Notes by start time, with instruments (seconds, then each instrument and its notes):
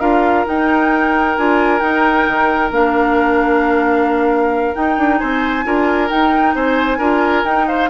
0.00 bassoon D4, clarinet F4, oboe A#4, flute F5
0.46 clarinet D#4, bassoon D#4, flute G5
1.37 bassoon D4, clarinet F4, flute G#5
1.79 clarinet D#4, bassoon D#4, flute G5
2.28 bassoon D#3
2.71 bassoon A#3, clarinet D4, flute F5
4.75 clarinet D#4, bassoon D#4, flute G5
4.98 bassoon D4
5.18 bassoon C4, oboe C5, flute G#5
5.64 bassoon D4, clarinet F4, oboe A#4
6.09 clarinet D#4, bassoon D#4, flute G5
6.55 bassoon C4, oboe C5, flute G#5
6.98 bassoon D4, clarinet F4, oboe A#4
7.44 bassoon D#4, clarinet D#4, flute G5
7.67 oboe C5, flute F5